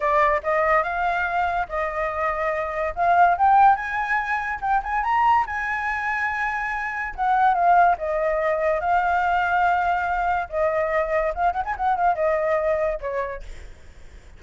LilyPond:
\new Staff \with { instrumentName = "flute" } { \time 4/4 \tempo 4 = 143 d''4 dis''4 f''2 | dis''2. f''4 | g''4 gis''2 g''8 gis''8 | ais''4 gis''2.~ |
gis''4 fis''4 f''4 dis''4~ | dis''4 f''2.~ | f''4 dis''2 f''8 fis''16 gis''16 | fis''8 f''8 dis''2 cis''4 | }